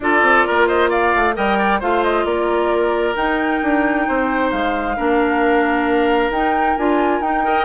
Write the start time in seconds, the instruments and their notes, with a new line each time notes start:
0.00 bassoon D4, clarinet F4, oboe A4, flute D5
0.21 bassoon C4
0.47 bassoon A#3, oboe A#4
0.67 oboe C5, flute D#5
0.89 oboe D5, flute F5
1.15 bassoon A3
1.35 bassoon G3, clarinet A#4, oboe D#5, flute G5
1.58 oboe D5
1.79 bassoon A3, clarinet F4, oboe C5, flute F5
2.03 flute D#5
2.24 bassoon A#3, oboe A#4, flute D5
3.14 clarinet D#4, bassoon D#4, flute G5
3.62 bassoon D4
4.07 bassoon C4, oboe C5
4.50 bassoon G#3, flute F5
4.96 bassoon A#3, clarinet D4, oboe A#4
6.29 bassoon D#4, clarinet D#4, flute G5
6.76 bassoon D4, clarinet F4, flute G#5
7.20 bassoon D#4, clarinet D#4, flute G5
7.44 clarinet A#4, oboe D#5